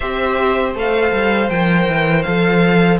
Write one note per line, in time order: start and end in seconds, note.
0.00 0.74 C4
0.00 0.75 G4
0.00 2.98 C5
0.00 0.73 E5
0.74 1.12 A3
0.74 1.50 A4
0.74 1.49 F5
1.12 1.50 G3
1.49 1.87 F3
1.49 2.25 A#4
1.49 2.22 G5
1.87 2.25 E3
2.22 3.00 F3
2.22 3.00 A4
2.22 2.97 F5